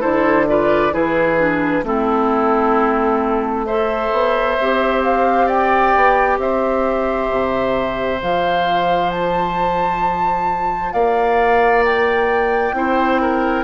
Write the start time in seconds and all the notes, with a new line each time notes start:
0.00 D3 E4 A4 C5
0.48 F4 B4 D5
0.91 E3 E4 G#4 B4
1.38 D4
1.83 A3 C4 E4 A4
3.66 A4 C5 E5
4.12 B3
4.60 C4 G4
5.03 F5
5.46 D5 G5
5.96 B3
6.38 C4 C5 E5
7.30 C3
8.20 F3 F4 F5
9.11 A5
10.93 A#3 D5 F5
11.84 G5
12.73 C4 E4 C5
13.21 A#4